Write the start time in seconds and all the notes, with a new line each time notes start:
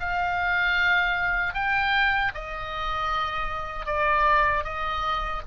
0.00 F5
1.54 G5
2.34 D#5
3.86 D5
4.64 D#5